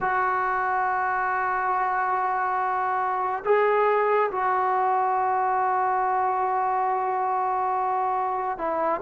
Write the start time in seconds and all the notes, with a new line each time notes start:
0.00 F#4
3.44 G#4
4.31 F#4
8.58 E4